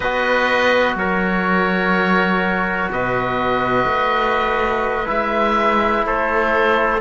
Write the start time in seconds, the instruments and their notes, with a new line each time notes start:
0.00 cello B3, trombone F#4, trumpet B4, oboe D#5
0.95 cello F#3, trumpet A#4, oboe C#5
2.91 cello B2, trumpet B4, oboe D#5
3.85 cello A3
5.05 cello G#3, trombone E4, oboe E5
6.05 cello A3, trumpet A4, oboe C5